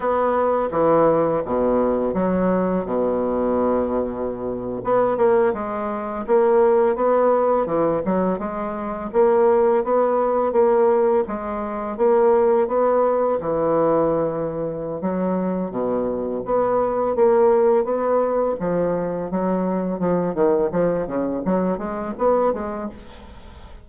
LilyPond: \new Staff \with { instrumentName = "bassoon" } { \time 4/4 \tempo 4 = 84 b4 e4 b,4 fis4 | b,2~ b,8. b8 ais8 gis16~ | gis8. ais4 b4 e8 fis8 gis16~ | gis8. ais4 b4 ais4 gis16~ |
gis8. ais4 b4 e4~ e16~ | e4 fis4 b,4 b4 | ais4 b4 f4 fis4 | f8 dis8 f8 cis8 fis8 gis8 b8 gis8 | }